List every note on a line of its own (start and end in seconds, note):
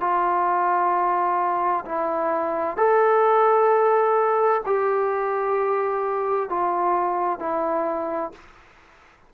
0.00 1.85 F4
1.85 2.77 E4
2.77 4.62 A4
4.66 6.50 G4
6.50 7.39 F4
7.39 8.32 E4